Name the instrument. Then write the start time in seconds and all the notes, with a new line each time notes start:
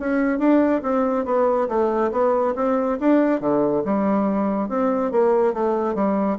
bassoon
0.00 C#4
0.39 D4
0.83 C4
1.25 B3
1.69 A3
2.12 B3
2.56 C4
3.00 D4
3.41 D3
3.85 G3
4.69 C4
5.12 A#3
5.54 A3
5.95 G3